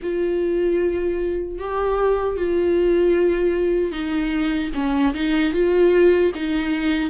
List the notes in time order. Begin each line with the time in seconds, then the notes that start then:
0.02 F4
1.58 G4
2.36 F4
3.91 D#4
4.74 C#4
5.14 D#4
5.53 F4
6.34 D#4